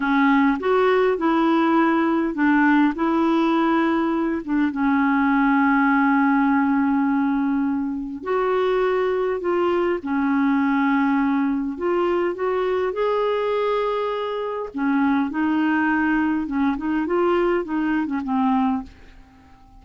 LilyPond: \new Staff \with { instrumentName = "clarinet" } { \time 4/4 \tempo 4 = 102 cis'4 fis'4 e'2 | d'4 e'2~ e'8 d'8 | cis'1~ | cis'2 fis'2 |
f'4 cis'2. | f'4 fis'4 gis'2~ | gis'4 cis'4 dis'2 | cis'8 dis'8 f'4 dis'8. cis'16 c'4 | }